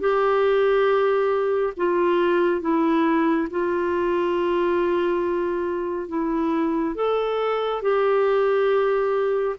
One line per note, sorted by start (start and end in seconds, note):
0.00 1.74 G4
1.77 2.61 F4
2.61 3.48 E4
3.51 6.08 F4
6.08 6.95 E4
6.95 7.82 A4
7.82 9.56 G4